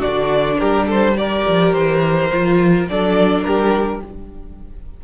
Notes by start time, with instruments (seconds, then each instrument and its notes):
0.00 viola D4, violin F#4 D5
0.07 cello D3
0.59 cello G3, violin G4 A#4
0.87 violin A4 C5
1.17 viola G4, violin A#4 D5
1.48 cello F3
1.73 cello E3, violin C5
2.33 cello F3, viola F4
2.89 cello F#3, viola D4, violin A4 D5
3.44 cello G3, violin G4 A#4